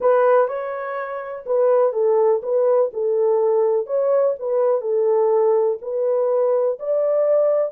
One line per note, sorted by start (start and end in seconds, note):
0.00 0.48 B4
0.48 1.44 C#5
1.46 1.92 B4
1.92 2.41 A4
2.42 2.91 B4
2.93 3.86 A4
3.86 4.35 C#5
4.39 4.81 B4
4.81 5.78 A4
5.81 6.78 B4
6.79 7.72 D5